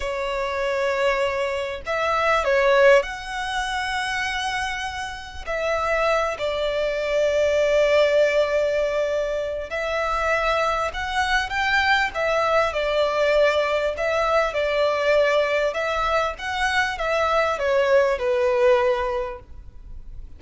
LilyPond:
\new Staff \with { instrumentName = "violin" } { \time 4/4 \tempo 4 = 99 cis''2. e''4 | cis''4 fis''2.~ | fis''4 e''4. d''4.~ | d''1 |
e''2 fis''4 g''4 | e''4 d''2 e''4 | d''2 e''4 fis''4 | e''4 cis''4 b'2 | }